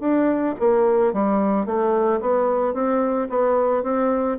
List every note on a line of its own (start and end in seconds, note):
0.00 0.55 D4
0.60 1.13 A#3
1.13 1.66 G3
1.66 2.21 A3
2.21 2.74 B3
2.74 3.28 C4
3.30 3.83 B3
3.83 4.38 C4